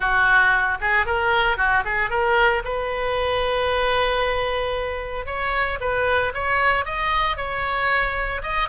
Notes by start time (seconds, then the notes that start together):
0.00 F#4
0.80 G#4
1.06 A#4
1.57 F#4
1.84 G#4
2.10 A#4
2.64 B4
5.26 C#5
5.80 B4
6.33 C#5
6.85 D#5
7.37 C#5
8.42 D#5